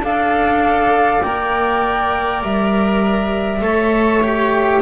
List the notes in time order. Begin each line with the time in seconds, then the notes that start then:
0.00 D4 A4 D5 F5
1.22 A#3 A#4 G5
2.43 G3 E5
3.61 A3 A4 C#5
4.23 G4